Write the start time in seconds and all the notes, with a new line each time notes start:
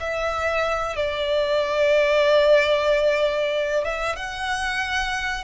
0.00 E5
0.96 D5
3.84 E5
4.16 F#5